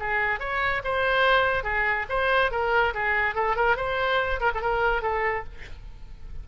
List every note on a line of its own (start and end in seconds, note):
0.00 0.40 G#4
0.40 0.82 C#5
0.84 1.64 C5
1.64 2.06 G#4
2.10 2.52 C5
2.52 2.94 A#4
2.95 3.35 G#4
3.35 3.56 A4
3.57 3.77 A#4
3.77 4.40 C5
4.41 4.52 A#4
4.55 4.62 A4
4.62 5.02 A#4
5.02 5.45 A4